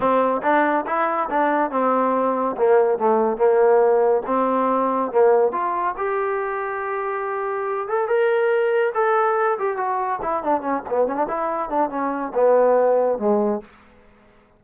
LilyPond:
\new Staff \with { instrumentName = "trombone" } { \time 4/4 \tempo 4 = 141 c'4 d'4 e'4 d'4 | c'2 ais4 a4 | ais2 c'2 | ais4 f'4 g'2~ |
g'2~ g'8 a'8 ais'4~ | ais'4 a'4. g'8 fis'4 | e'8 d'8 cis'8 b8 cis'16 d'16 e'4 d'8 | cis'4 b2 gis4 | }